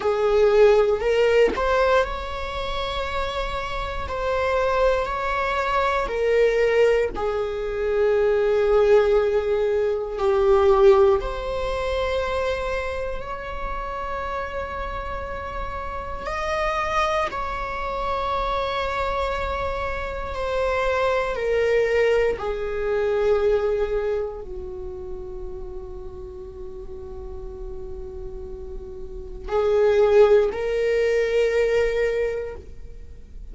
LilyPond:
\new Staff \with { instrumentName = "viola" } { \time 4/4 \tempo 4 = 59 gis'4 ais'8 c''8 cis''2 | c''4 cis''4 ais'4 gis'4~ | gis'2 g'4 c''4~ | c''4 cis''2. |
dis''4 cis''2. | c''4 ais'4 gis'2 | fis'1~ | fis'4 gis'4 ais'2 | }